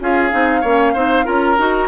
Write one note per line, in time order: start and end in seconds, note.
0.00 0.32 C#4
0.00 0.31 F4
0.00 0.61 G#4
0.00 1.27 F5
0.31 0.63 C4
0.31 0.62 D#4
0.61 0.95 A#3
0.61 0.96 C#4
0.61 0.93 C#5
0.93 1.26 C4
0.93 1.24 D#4
0.93 1.25 C5
1.24 1.58 C#4
1.24 1.56 F4
1.24 1.88 A#4
1.24 1.88 A#5
1.58 1.88 D#4
1.58 1.88 F#4